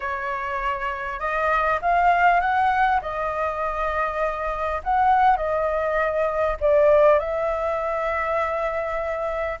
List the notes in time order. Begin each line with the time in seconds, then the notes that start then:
0.00 C#5
1.19 D#5
1.81 F5
2.40 F#5
3.01 D#5
4.83 F#5
5.36 D#5
6.60 D5
7.19 E5